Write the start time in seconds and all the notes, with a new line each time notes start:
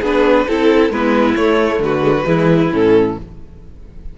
0.00 B3 D4 G#4 B4
0.47 C4 E4 A4
0.90 G#3 B3 E4 B4
1.36 A3 C#5
1.79 D3 F#4 B4
2.02 G#3
2.18 F#3
2.25 E3 G#3 E4
2.72 A2 C#4 A4